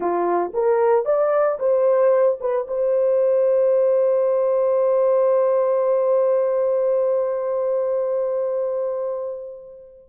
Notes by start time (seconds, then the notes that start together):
0.00 F4
0.53 A#4
1.05 D5
1.59 C5
2.40 B4
2.67 C5